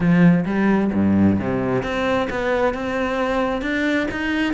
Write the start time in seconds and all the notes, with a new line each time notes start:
0.00 F3
0.45 G3
0.93 G2
1.39 C3
1.83 C4
2.30 B3
2.74 C4
3.61 D4
4.11 D#4